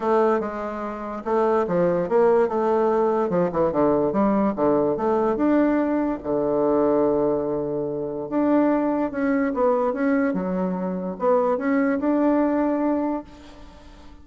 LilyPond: \new Staff \with { instrumentName = "bassoon" } { \time 4/4 \tempo 4 = 145 a4 gis2 a4 | f4 ais4 a2 | f8 e8 d4 g4 d4 | a4 d'2 d4~ |
d1 | d'2 cis'4 b4 | cis'4 fis2 b4 | cis'4 d'2. | }